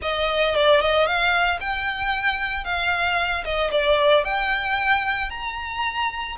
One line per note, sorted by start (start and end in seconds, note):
0.01 0.55 D#5
0.55 0.80 D5
0.80 1.06 D#5
1.06 1.59 F5
1.60 2.64 G5
2.64 3.44 F5
3.44 3.70 D#5
3.71 4.24 D5
4.24 5.30 G5
5.30 6.36 A#5